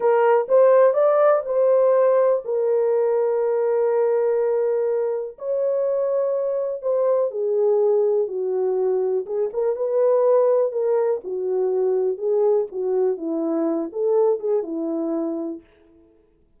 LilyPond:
\new Staff \with { instrumentName = "horn" } { \time 4/4 \tempo 4 = 123 ais'4 c''4 d''4 c''4~ | c''4 ais'2.~ | ais'2. cis''4~ | cis''2 c''4 gis'4~ |
gis'4 fis'2 gis'8 ais'8 | b'2 ais'4 fis'4~ | fis'4 gis'4 fis'4 e'4~ | e'8 a'4 gis'8 e'2 | }